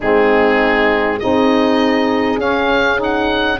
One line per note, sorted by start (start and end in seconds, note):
0.00 1.21 G#3
0.00 1.21 C4
0.00 1.19 D#4
0.00 1.19 G#4
1.19 2.37 C4
1.19 2.38 D#4
1.19 3.60 G#4
1.19 2.39 D#5
2.37 3.57 C#4
2.37 2.96 C#4
2.37 3.00 F5
2.96 3.56 D#4
3.03 3.60 F#5